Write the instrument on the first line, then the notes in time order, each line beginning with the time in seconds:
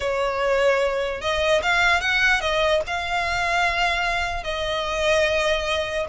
violin
0.00 C#5
1.21 D#5
1.62 F5
2.01 F#5
2.40 D#5
2.86 F5
4.43 D#5